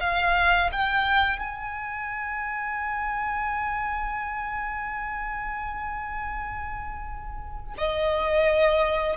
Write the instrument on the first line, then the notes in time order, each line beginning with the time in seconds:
violin
0.00 F5
0.72 G5
1.39 G#5
7.78 D#5